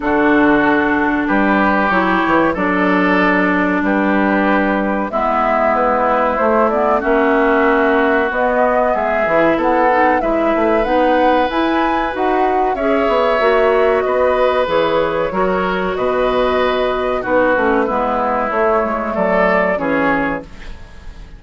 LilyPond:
<<
  \new Staff \with { instrumentName = "flute" } { \time 4/4 \tempo 4 = 94 a'2 b'4 cis''4 | d''2 b'2 | e''4 b'4 c''8 d''8 e''4~ | e''4 dis''4 e''4 fis''4 |
e''4 fis''4 gis''4 fis''4 | e''2 dis''4 cis''4~ | cis''4 dis''2 b'4~ | b'4 cis''4 d''4 cis''4 | }
  \new Staff \with { instrumentName = "oboe" } { \time 4/4 fis'2 g'2 | a'2 g'2 | e'2. fis'4~ | fis'2 gis'4 a'4 |
b'1 | cis''2 b'2 | ais'4 b'2 fis'4 | e'2 a'4 gis'4 | }
  \new Staff \with { instrumentName = "clarinet" } { \time 4/4 d'2. e'4 | d'1 | b2 a8 b8 cis'4~ | cis'4 b4. e'4 dis'8 |
e'4 dis'4 e'4 fis'4 | gis'4 fis'2 gis'4 | fis'2. dis'8 cis'8 | b4 a2 cis'4 | }
  \new Staff \with { instrumentName = "bassoon" } { \time 4/4 d2 g4 fis8 e8 | fis2 g2 | gis2 a4 ais4~ | ais4 b4 gis8 e8 b4 |
gis8 a8 b4 e'4 dis'4 | cis'8 b8 ais4 b4 e4 | fis4 b,2 b8 a8 | gis4 a8 gis8 fis4 e4 | }
>>